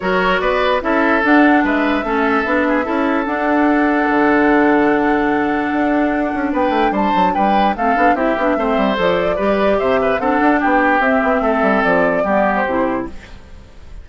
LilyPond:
<<
  \new Staff \with { instrumentName = "flute" } { \time 4/4 \tempo 4 = 147 cis''4 d''4 e''4 fis''4 | e''1 | fis''1~ | fis''1 |
g''4 a''4 g''4 f''4 | e''2 d''2 | e''4 fis''4 g''4 e''4~ | e''4 d''4.~ d''16 c''4~ c''16 | }
  \new Staff \with { instrumentName = "oboe" } { \time 4/4 ais'4 b'4 a'2 | b'4 a'4. gis'8 a'4~ | a'1~ | a'1 |
b'4 c''4 b'4 a'4 | g'4 c''2 b'4 | c''8 b'8 a'4 g'2 | a'2 g'2 | }
  \new Staff \with { instrumentName = "clarinet" } { \time 4/4 fis'2 e'4 d'4~ | d'4 cis'4 d'4 e'4 | d'1~ | d'1~ |
d'2. c'8 d'8 | e'8 d'8 c'4 a'4 g'4~ | g'4 d'2 c'4~ | c'2 b4 e'4 | }
  \new Staff \with { instrumentName = "bassoon" } { \time 4/4 fis4 b4 cis'4 d'4 | gis4 a4 b4 cis'4 | d'2 d2~ | d2 d'4. cis'8 |
b8 a8 g8 fis8 g4 a8 b8 | c'8 b8 a8 g8 f4 g4 | c4 c'8 d'8 b4 c'8 b8 | a8 g8 f4 g4 c4 | }
>>